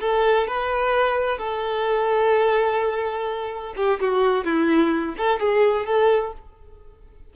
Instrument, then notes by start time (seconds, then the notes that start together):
violin
0.00 A4
0.47 B4
1.38 A4
3.76 G4
4.00 F#4
4.44 E4
5.17 A4
5.39 G#4
5.85 A4